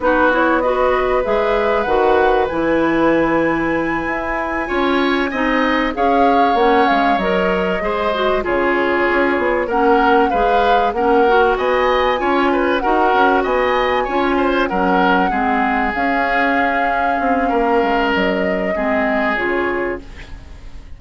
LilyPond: <<
  \new Staff \with { instrumentName = "flute" } { \time 4/4 \tempo 4 = 96 b'8 cis''8 dis''4 e''4 fis''4 | gis''1~ | gis''4. f''4 fis''8 f''8 dis''8~ | dis''4. cis''2 fis''8~ |
fis''8 f''4 fis''4 gis''4.~ | gis''8 fis''4 gis''2 fis''8~ | fis''4. f''2~ f''8~ | f''4 dis''2 cis''4 | }
  \new Staff \with { instrumentName = "oboe" } { \time 4/4 fis'4 b'2.~ | b'2.~ b'8 cis''8~ | cis''8 dis''4 cis''2~ cis''8~ | cis''8 c''4 gis'2 ais'8~ |
ais'8 b'4 ais'4 dis''4 cis''8 | b'8 ais'4 dis''4 cis''8 c''8 ais'8~ | ais'8 gis'2.~ gis'8 | ais'2 gis'2 | }
  \new Staff \with { instrumentName = "clarinet" } { \time 4/4 dis'8 e'8 fis'4 gis'4 fis'4 | e'2.~ e'8 f'8~ | f'8 dis'4 gis'4 cis'4 ais'8~ | ais'8 gis'8 fis'8 f'2 cis'8~ |
cis'8 gis'4 cis'8 fis'4. f'8~ | f'8 fis'2 f'4 cis'8~ | cis'8 c'4 cis'2~ cis'8~ | cis'2 c'4 f'4 | }
  \new Staff \with { instrumentName = "bassoon" } { \time 4/4 b2 gis4 dis4 | e2~ e8 e'4 cis'8~ | cis'8 c'4 cis'4 ais8 gis8 fis8~ | fis8 gis4 cis4 cis'8 b8 ais8~ |
ais8 gis4 ais4 b4 cis'8~ | cis'8 dis'8 cis'8 b4 cis'4 fis8~ | fis8 gis4 cis'2 c'8 | ais8 gis8 fis4 gis4 cis4 | }
>>